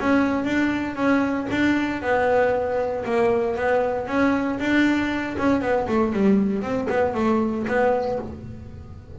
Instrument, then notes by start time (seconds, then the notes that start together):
double bass
0.00 C#4
0.45 D4
0.96 C#4
1.51 D4
2.02 B3
3.05 A#3
3.56 B3
4.08 C#4
4.60 D4
5.38 C#4
5.62 B3
5.88 A3
6.13 G3
6.62 C4
6.90 B3
7.15 A3
7.68 B3